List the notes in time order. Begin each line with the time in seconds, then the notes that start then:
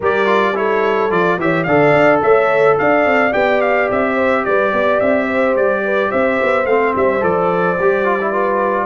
0.00 G3 G4 A#4 D5
0.25 F4
0.55 E4 A4 C#5
1.10 F3 F4 D5
1.38 E3 G4 C#5 E5
1.63 D3 A4 D5 F5
1.92 D4
2.22 A3 C#5 E5
2.78 D4 D5 F5
3.05 C4
3.31 B3 G4 G5
3.61 F5
3.90 C4 E5
4.14 C5
4.44 G3 B4 D5
4.72 B3 D5
5.00 C4 E5
5.26 C5
5.55 G3 D5
5.84 B4
6.09 C4 C5 E5
6.42 B3
6.65 A3 C4 F5
6.95 G3 E5
7.20 F3 A4 D5
7.79 G3 G4
8.04 F4
8.20 E4
8.31 F4 B4